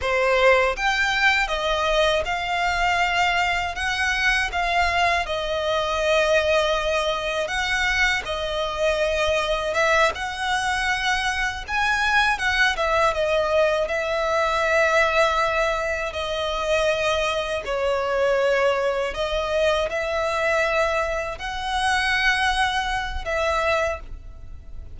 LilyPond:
\new Staff \with { instrumentName = "violin" } { \time 4/4 \tempo 4 = 80 c''4 g''4 dis''4 f''4~ | f''4 fis''4 f''4 dis''4~ | dis''2 fis''4 dis''4~ | dis''4 e''8 fis''2 gis''8~ |
gis''8 fis''8 e''8 dis''4 e''4.~ | e''4. dis''2 cis''8~ | cis''4. dis''4 e''4.~ | e''8 fis''2~ fis''8 e''4 | }